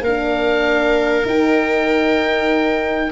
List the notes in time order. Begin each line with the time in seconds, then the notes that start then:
0.00 A#3 A#4 F5
0.06 D4
1.25 D#4 G5